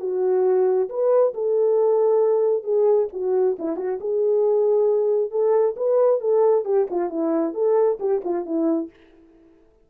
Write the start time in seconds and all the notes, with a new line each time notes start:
0.00 F#4
0.89 B4
1.34 A4
2.64 G#4
3.13 F#4
3.59 E4
3.77 F#4
4.01 G#4
5.31 A4
5.77 B4
6.21 A4
6.65 G4
6.91 F4
7.10 E4
7.54 A4
8.00 G4
8.24 F4
8.45 E4